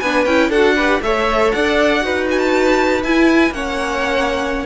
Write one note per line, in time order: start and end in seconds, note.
0.00 0.26 B3
0.00 0.28 D4
0.00 0.50 B4
0.00 0.25 G#5
0.25 0.50 C#4
0.25 0.53 E4
0.25 0.51 G5
0.50 1.00 D4
0.50 0.78 F#4
0.50 0.75 A4
0.50 1.02 F#5
0.76 1.03 G4
0.76 1.01 B4
1.02 1.53 A3
1.02 2.01 A4
1.02 1.55 C#5
1.02 1.52 E5
1.52 2.04 D4
1.52 2.05 D5
1.52 2.27 F#5
2.01 3.03 D#4
2.01 3.02 F#4
2.01 3.55 B4
2.31 2.39 G#5
2.39 3.02 A5
3.03 3.50 E4
3.03 3.54 E4
3.03 3.53 G#5
3.50 4.64 A#3
3.50 4.66 C#4
3.50 4.66 C#5
3.50 4.66 F#5